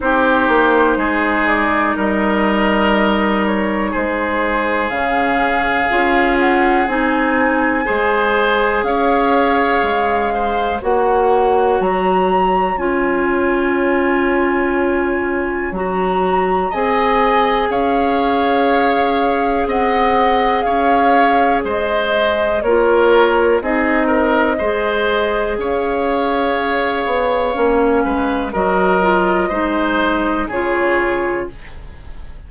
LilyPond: <<
  \new Staff \with { instrumentName = "flute" } { \time 4/4 \tempo 4 = 61 c''4. d''8 dis''4. cis''8 | c''4 f''4. fis''8 gis''4~ | gis''4 f''2 fis''4 | ais''4 gis''2. |
ais''4 gis''4 f''2 | fis''4 f''4 dis''4 cis''4 | dis''2 f''2~ | f''4 dis''2 cis''4 | }
  \new Staff \with { instrumentName = "oboe" } { \time 4/4 g'4 gis'4 ais'2 | gis'1 | c''4 cis''4. c''8 cis''4~ | cis''1~ |
cis''4 dis''4 cis''2 | dis''4 cis''4 c''4 ais'4 | gis'8 ais'8 c''4 cis''2~ | cis''8 b'8 ais'4 c''4 gis'4 | }
  \new Staff \with { instrumentName = "clarinet" } { \time 4/4 dis'1~ | dis'4 cis'4 f'4 dis'4 | gis'2. fis'4~ | fis'4 f'2. |
fis'4 gis'2.~ | gis'2. f'4 | dis'4 gis'2. | cis'4 fis'8 f'8 dis'4 f'4 | }
  \new Staff \with { instrumentName = "bassoon" } { \time 4/4 c'8 ais8 gis4 g2 | gis4 cis4 cis'4 c'4 | gis4 cis'4 gis4 ais4 | fis4 cis'2. |
fis4 c'4 cis'2 | c'4 cis'4 gis4 ais4 | c'4 gis4 cis'4. b8 | ais8 gis8 fis4 gis4 cis4 | }
>>